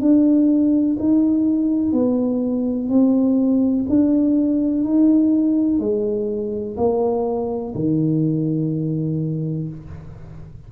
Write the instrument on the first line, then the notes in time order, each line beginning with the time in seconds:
tuba
0.00 D4
0.99 D#4
1.92 B3
2.89 C4
3.89 D4
4.84 D#4
5.79 G#3
6.77 A#3
7.75 D#3